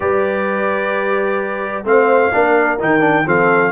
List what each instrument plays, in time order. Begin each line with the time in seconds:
0.00 tuba G3, trombone G4, horn B4, trumpet D5
1.83 tuba A3, trombone C4, horn C5, trumpet F5
2.32 tuba A#3, trombone D4, horn A#4
2.79 tuba D#3, trombone D#4, trumpet G5
2.99 trombone D4
3.26 tuba F3, trombone C4, horn A4, trumpet F5